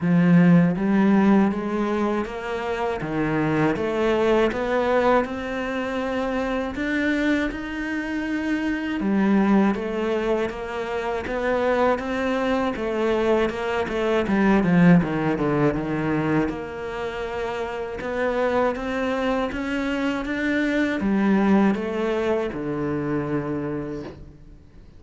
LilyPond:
\new Staff \with { instrumentName = "cello" } { \time 4/4 \tempo 4 = 80 f4 g4 gis4 ais4 | dis4 a4 b4 c'4~ | c'4 d'4 dis'2 | g4 a4 ais4 b4 |
c'4 a4 ais8 a8 g8 f8 | dis8 d8 dis4 ais2 | b4 c'4 cis'4 d'4 | g4 a4 d2 | }